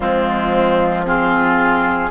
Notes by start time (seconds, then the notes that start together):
0.00 F3 G#3 C4 F4
1.04 C4 F4 G#4